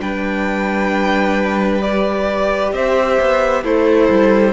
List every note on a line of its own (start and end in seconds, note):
0.00 2.73 G3
0.00 1.82 D4
0.00 2.74 B4
0.00 1.82 G5
1.82 3.64 G4
1.82 2.73 D5
2.73 3.18 C4
2.73 3.63 C5
2.73 3.64 E5
3.20 3.63 B3
3.63 4.09 A3
3.63 4.52 E4
3.63 4.52 A4
3.63 4.52 C5
4.09 4.52 G3